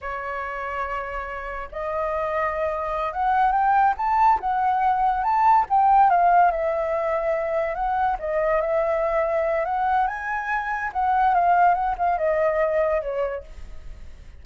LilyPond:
\new Staff \with { instrumentName = "flute" } { \time 4/4 \tempo 4 = 143 cis''1 | dis''2.~ dis''8 fis''8~ | fis''8 g''4 a''4 fis''4.~ | fis''8 a''4 g''4 f''4 e''8~ |
e''2~ e''8 fis''4 dis''8~ | dis''8 e''2~ e''8 fis''4 | gis''2 fis''4 f''4 | fis''8 f''8 dis''2 cis''4 | }